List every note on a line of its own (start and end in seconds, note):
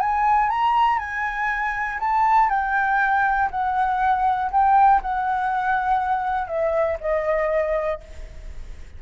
0.00 0.50 G#5
0.50 0.99 A#5
0.99 1.99 G#5
2.00 2.50 A5
2.50 3.50 G5
3.51 4.51 F#5
4.51 5.01 G5
5.02 6.48 F#5
6.48 6.98 E5
7.00 8.00 D#5